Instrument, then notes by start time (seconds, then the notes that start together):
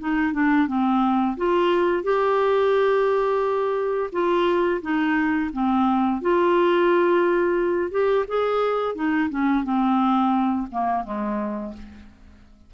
clarinet
0.00 D#4
0.33 D4
0.68 C4
1.37 F4
2.04 G4
4.13 F4
4.82 D#4
5.54 C4
6.22 F4
7.91 G4
8.28 G#4
8.95 D#4
9.30 C#4
9.64 C4
10.72 A#3
11.05 G#3